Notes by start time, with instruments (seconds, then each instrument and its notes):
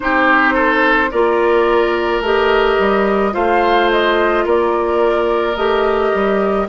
0.00 bassoon C4, clarinet D#4, oboe G4, flute C5
0.54 oboe A4
1.11 bassoon A#3, clarinet F4, oboe A#4, flute D5
2.20 bassoon A3, clarinet G4, flute D#5
2.79 bassoon G3
3.31 bassoon A3, clarinet F4, oboe C5, flute F5
3.91 flute D#5
4.45 bassoon A#3, oboe A#4, flute D5
5.56 bassoon A3, clarinet G4, flute D#5
6.13 bassoon G3